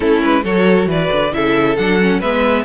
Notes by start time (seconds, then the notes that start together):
0.00 A3 C#4 E4 A4
0.22 G#3 B4
0.43 F#3 F#4 A4 C#5
0.87 E3 B4 D5
1.11 D3
1.32 C#3 E4 A4 E5
1.76 F#3 D4 F#5
2.00 C#4
2.19 G#3 B3 B4 E5